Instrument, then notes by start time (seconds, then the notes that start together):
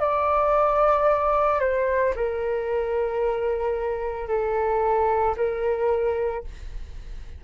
flute
0.00 D5
1.60 C5
2.16 A#4
4.29 A4
5.37 A#4